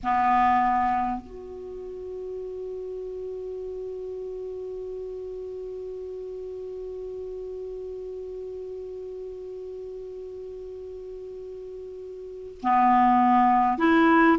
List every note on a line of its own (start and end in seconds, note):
0.03 1.20 B3
1.20 12.60 F#4
12.62 13.78 B3
13.78 14.38 E4